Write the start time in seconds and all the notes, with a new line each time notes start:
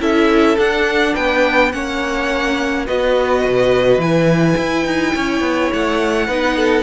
0.00 C#4 E4 A4 E5
0.57 D4 F#5
1.14 B3 B4 G5
1.72 A#3 C#4 C#5 F#5
2.86 B3 F#4 B4 D#5
3.45 B2
3.98 E3 E4 G#5
4.58 E4
4.86 D#4
5.14 C#4 C#5
5.41 B3
5.73 A3 F#5
6.27 B3 D#4 B4
6.57 A4